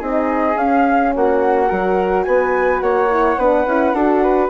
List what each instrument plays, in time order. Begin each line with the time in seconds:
0.00 bassoon C4, horn D#4, flute G#4 D#5
0.56 bassoon C#4, horn C#4, flute F5
1.15 bassoon A#3, flute F#4 F#5
1.69 bassoon F#3, horn F#4, flute A#4
2.24 bassoon B3, flute B4 G#5
2.80 bassoon A#3, flute C#5 F#5
3.10 horn E4
3.37 bassoon B3, horn D4, flute B4
3.66 bassoon C#4, horn E4
3.93 bassoon D4, horn F#4, flute A4
4.23 flute B4